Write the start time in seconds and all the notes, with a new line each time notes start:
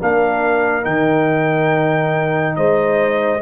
0.00 A#3 D4 A#4 F5
0.82 D#3 D#4 G5
2.56 G#3 C5 D#5